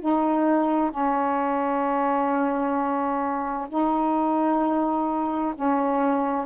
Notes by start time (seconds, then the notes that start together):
0.00 D#4
0.90 C#4
3.69 D#4
5.55 C#4